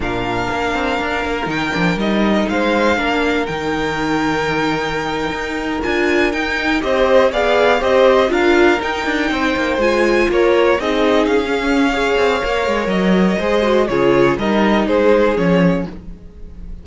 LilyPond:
<<
  \new Staff \with { instrumentName = "violin" } { \time 4/4 \tempo 4 = 121 f''2. g''4 | dis''4 f''2 g''4~ | g''2.~ g''8. gis''16~ | gis''8. g''4 dis''4 f''4 dis''16~ |
dis''8. f''4 g''2 gis''16~ | gis''8. cis''4 dis''4 f''4~ f''16~ | f''2 dis''2 | cis''4 dis''4 c''4 cis''4 | }
  \new Staff \with { instrumentName = "violin" } { \time 4/4 ais'1~ | ais'4 c''4 ais'2~ | ais'1~ | ais'4.~ ais'16 c''4 d''4 c''16~ |
c''8. ais'2 c''4~ c''16~ | c''8. ais'4 gis'2~ gis'16 | cis''2. c''4 | gis'4 ais'4 gis'2 | }
  \new Staff \with { instrumentName = "viola" } { \time 4/4 d'2. dis'8 d'8 | dis'2 d'4 dis'4~ | dis'2.~ dis'8. f'16~ | f'8. dis'4 g'4 gis'4 g'16~ |
g'8. f'4 dis'2 f'16~ | f'4.~ f'16 dis'4~ dis'16 cis'4 | gis'4 ais'2 gis'8 fis'8 | f'4 dis'2 cis'4 | }
  \new Staff \with { instrumentName = "cello" } { \time 4/4 ais,4 ais8 c'8 d'8 ais8 dis8 f8 | g4 gis4 ais4 dis4~ | dis2~ dis8. dis'4 d'16~ | d'8. dis'4 c'4 b4 c'16~ |
c'8. d'4 dis'8 d'8 c'8 ais8 gis16~ | gis8. ais4 c'4 cis'4~ cis'16~ | cis'8 c'8 ais8 gis8 fis4 gis4 | cis4 g4 gis4 f4 | }
>>